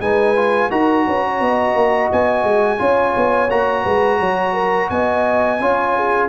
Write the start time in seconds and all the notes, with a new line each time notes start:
0.00 G#3 D#4 B4 G#5
0.36 F4
0.70 D#4 F#4 A#4 A#5
1.07 C#4 B4
1.25 C#5
1.40 B3 D#5
1.75 A#3
2.12 B3 G#5
2.44 G#3
2.78 C#4 F4 C#5
3.17 B3
3.50 A#3 F#4 A#5
3.84 G#3 B4
4.20 F#3 C#5
4.54 A#4
4.90 B3 D#5 G#5
5.60 C#4 F4 C#5
5.97 G#4